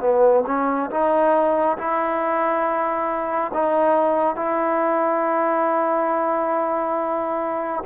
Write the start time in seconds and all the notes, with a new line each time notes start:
0.00 B3
0.47 C#4
0.91 D#4
1.77 E4
3.53 D#4
4.36 E4